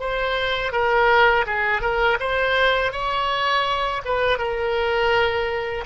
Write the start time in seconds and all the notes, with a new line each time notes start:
0.00 C5
0.73 A#4
1.47 G#4
1.82 A#4
2.20 C5
2.93 C#5
4.05 B4
4.38 A#4